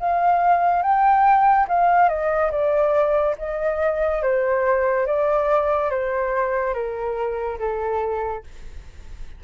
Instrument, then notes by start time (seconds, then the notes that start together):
flute
0.00 F5
0.83 G5
1.68 F5
2.09 D#5
2.52 D5
3.38 D#5
4.23 C5
5.07 D5
5.91 C5
6.75 A#4
7.59 A4